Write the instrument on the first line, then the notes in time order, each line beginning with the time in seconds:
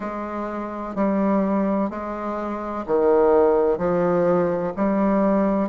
bassoon
0.00 G#3
0.95 G3
1.90 G#3
2.86 D#3
3.77 F3
4.76 G3